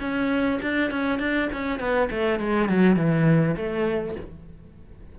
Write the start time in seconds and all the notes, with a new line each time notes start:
0.00 C#4
0.62 D4
0.90 C#4
1.19 D4
1.53 C#4
1.79 B3
2.10 A3
2.39 G#3
2.69 F#3
2.96 E3
3.56 A3